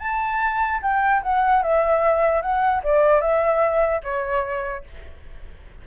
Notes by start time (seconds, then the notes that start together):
0.00 A5
0.82 G5
1.23 F#5
1.63 E5
2.42 F#5
2.84 D5
3.21 E5
4.04 C#5